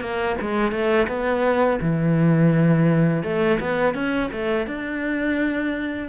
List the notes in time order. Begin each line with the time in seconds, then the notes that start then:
0.00 A#3
0.41 G#3
0.71 A3
1.07 B3
1.81 E3
3.23 A3
3.60 B3
3.94 C#4
4.32 A3
4.67 D4